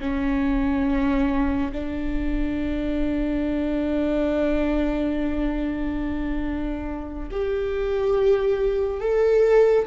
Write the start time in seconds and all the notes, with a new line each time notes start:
0.00 C#4
1.72 D4
7.31 G4
9.00 A4